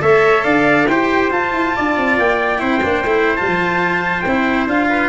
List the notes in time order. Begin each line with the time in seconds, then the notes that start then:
0.00 A3 A4 C#5 E5
0.44 D4 D5 F5
0.88 E4 G4 C5 G5
1.31 F4 A5
1.53 E4
1.76 D4 D5
1.97 C4
2.19 A#3 G5
2.59 C4 E4 C5
2.84 A#3 D4
3.04 A3 E4
3.37 G3 F4 A5
3.48 F3
4.22 C4 G5
4.29 E4
4.67 D4 F4 F5
4.90 B4